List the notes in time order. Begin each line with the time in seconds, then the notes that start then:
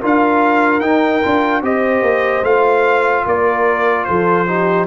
0.00 D4 F4 A#4 F5
0.80 D#4 G5
1.22 D4 F4
1.62 C4 G4 C5 D#5
2.01 A#3
2.43 A3 F4 F5
3.26 A#3 A#4 D5
4.04 F3 A4 C5
4.47 D#4 G4